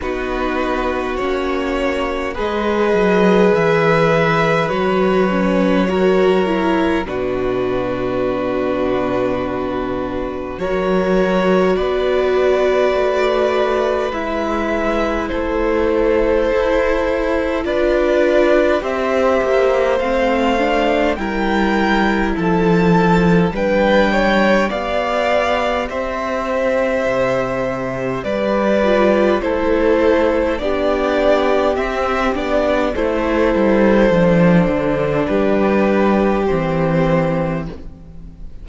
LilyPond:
<<
  \new Staff \with { instrumentName = "violin" } { \time 4/4 \tempo 4 = 51 b'4 cis''4 dis''4 e''4 | cis''2 b'2~ | b'4 cis''4 d''2 | e''4 c''2 d''4 |
e''4 f''4 g''4 a''4 | g''4 f''4 e''2 | d''4 c''4 d''4 e''8 d''8 | c''2 b'4 c''4 | }
  \new Staff \with { instrumentName = "violin" } { \time 4/4 fis'2 b'2~ | b'4 ais'4 fis'2~ | fis'4 ais'4 b'2~ | b'4 a'2 b'4 |
c''2 ais'4 a'4 | b'8 cis''8 d''4 c''2 | b'4 a'4 g'2 | a'2 g'2 | }
  \new Staff \with { instrumentName = "viola" } { \time 4/4 dis'4 cis'4 gis'2 | fis'8 cis'8 fis'8 e'8 d'2~ | d'4 fis'2. | e'2. f'4 |
g'4 c'8 d'8 e'2 | d'4 g'2.~ | g'8 f'8 e'4 d'4 c'8 d'8 | e'4 d'2 c'4 | }
  \new Staff \with { instrumentName = "cello" } { \time 4/4 b4 ais4 gis8 fis8 e4 | fis2 b,2~ | b,4 fis4 b4 a4 | gis4 a4 e'4 d'4 |
c'8 ais8 a4 g4 f4 | g4 b4 c'4 c4 | g4 a4 b4 c'8 b8 | a8 g8 f8 d8 g4 e4 | }
>>